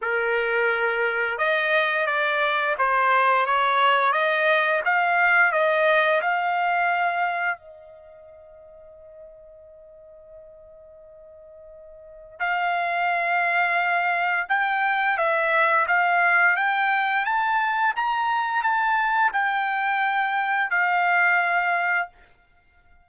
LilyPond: \new Staff \with { instrumentName = "trumpet" } { \time 4/4 \tempo 4 = 87 ais'2 dis''4 d''4 | c''4 cis''4 dis''4 f''4 | dis''4 f''2 dis''4~ | dis''1~ |
dis''2 f''2~ | f''4 g''4 e''4 f''4 | g''4 a''4 ais''4 a''4 | g''2 f''2 | }